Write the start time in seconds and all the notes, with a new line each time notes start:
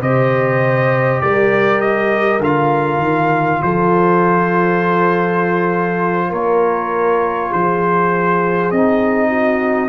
0.00 C3 G4 C5 D#5
1.21 G3 A#4 D5
1.80 D#5
2.39 D3 F4 F5
2.98 D#3
3.62 F3 A4 C5
6.29 A#3 A#4 C#5
7.50 F3 G#4 C5
8.71 C4 D#4 D#5
9.29 F#4